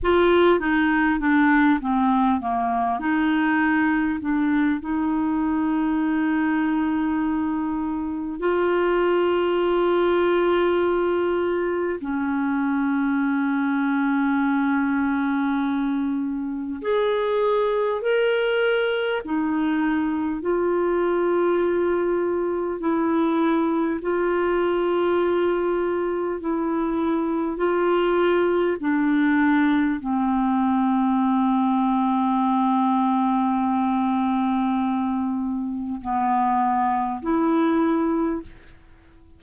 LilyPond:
\new Staff \with { instrumentName = "clarinet" } { \time 4/4 \tempo 4 = 50 f'8 dis'8 d'8 c'8 ais8 dis'4 d'8 | dis'2. f'4~ | f'2 cis'2~ | cis'2 gis'4 ais'4 |
dis'4 f'2 e'4 | f'2 e'4 f'4 | d'4 c'2.~ | c'2 b4 e'4 | }